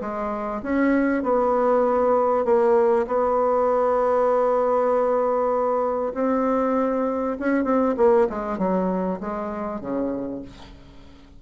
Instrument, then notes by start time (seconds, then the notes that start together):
bassoon
0.00 G#3
0.62 C#4
1.23 B3
2.45 A#3
3.06 B3
6.14 C4
7.39 C#4
7.64 C4
7.96 A#3
8.29 G#3
8.58 F#3
9.20 G#3
9.80 C#3